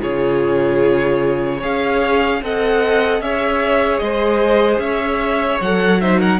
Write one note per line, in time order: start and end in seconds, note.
0.00 1.63 C#3
0.00 1.60 F4
0.00 1.57 G#4
0.00 1.62 C#5
1.57 2.42 C#4
1.57 2.41 G#4
1.57 2.37 C#5
1.57 2.42 F5
2.42 3.20 C4
2.42 3.22 A4
2.42 3.23 D#5
2.42 3.21 F#5
3.20 4.00 C#4
3.20 5.62 G#4
3.20 4.03 C#5
3.20 3.98 E5
3.98 4.79 G#3
3.98 4.83 C5
3.98 4.78 D#5
4.79 5.58 C#4
4.79 6.01 C#5
4.79 5.60 E5
5.60 6.40 F#3
5.60 6.01 A4
5.60 6.01 F#5
6.01 6.40 D#4
6.01 6.19 C5
6.01 6.20 E5
6.19 6.39 A#4
6.19 6.40 F#5